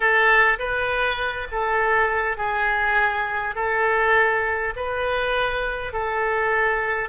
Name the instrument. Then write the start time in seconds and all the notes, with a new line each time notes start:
oboe
0.00 A4
0.58 B4
1.51 A4
2.37 G#4
3.55 A4
4.76 B4
5.92 A4